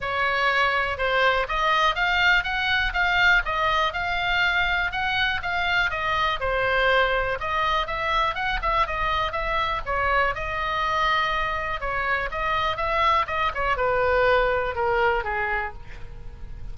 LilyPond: \new Staff \with { instrumentName = "oboe" } { \time 4/4 \tempo 4 = 122 cis''2 c''4 dis''4 | f''4 fis''4 f''4 dis''4 | f''2 fis''4 f''4 | dis''4 c''2 dis''4 |
e''4 fis''8 e''8 dis''4 e''4 | cis''4 dis''2. | cis''4 dis''4 e''4 dis''8 cis''8 | b'2 ais'4 gis'4 | }